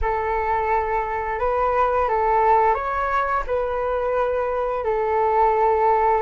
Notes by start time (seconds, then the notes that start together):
0.01 A4
1.39 B4
2.08 A4
2.74 C#5
3.46 B4
4.84 A4